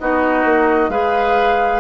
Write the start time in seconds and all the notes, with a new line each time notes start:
0.00 B3 D#4 F#4 D#5
0.45 A#3
0.89 G#3 G#4 B4 F5